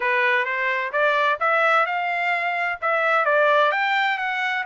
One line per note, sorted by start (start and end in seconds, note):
0.00 0.45 B4
0.45 0.91 C5
0.92 1.38 D5
1.40 1.86 E5
1.86 2.79 F5
2.81 3.25 E5
3.25 3.71 D5
3.71 4.18 G5
4.18 4.64 F#5